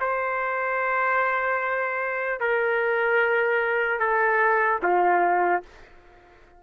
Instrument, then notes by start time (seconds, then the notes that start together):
trumpet
0.00 C5
2.40 A#4
3.99 A4
4.83 F4